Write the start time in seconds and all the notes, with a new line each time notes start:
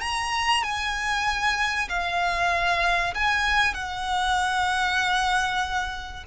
0.00 A#5
0.63 G#5
1.89 F5
3.14 G#5
3.74 F#5